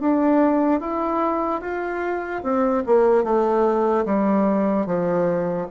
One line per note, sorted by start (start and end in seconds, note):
0.00 0.80 D4
0.80 1.61 E4
1.61 2.42 F4
2.43 2.83 C4
2.86 3.24 A#3
3.24 4.05 A3
4.05 4.86 G3
4.86 5.67 F3